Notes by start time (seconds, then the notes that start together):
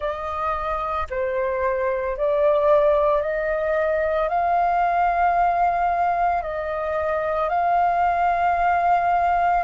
0.00 D#5
1.10 C5
2.17 D5
3.21 D#5
4.29 F5
6.42 D#5
7.49 F5